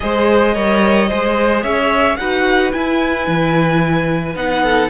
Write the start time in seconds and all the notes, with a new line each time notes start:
0.00 G#3 G#4 C5 D#5
0.54 G3 A#4 C#5
1.09 G#3 G#4 C5
1.63 C#4 C#5 E5
2.16 D#4 F#4 B4 F#5
2.72 E4 G#5
3.27 E3
4.35 B3 D#4 F#5
4.63 A4